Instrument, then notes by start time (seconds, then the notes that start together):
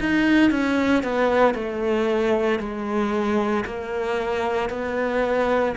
cello
0.00 D#4
0.51 C#4
1.04 B3
1.55 A3
2.59 G#3
3.66 A#3
4.70 B3